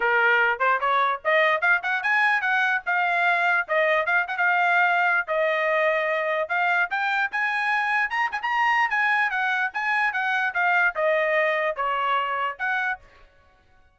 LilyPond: \new Staff \with { instrumentName = "trumpet" } { \time 4/4 \tempo 4 = 148 ais'4. c''8 cis''4 dis''4 | f''8 fis''8 gis''4 fis''4 f''4~ | f''4 dis''4 f''8 fis''16 f''4~ f''16~ | f''4 dis''2. |
f''4 g''4 gis''2 | ais''8 gis''16 ais''4~ ais''16 gis''4 fis''4 | gis''4 fis''4 f''4 dis''4~ | dis''4 cis''2 fis''4 | }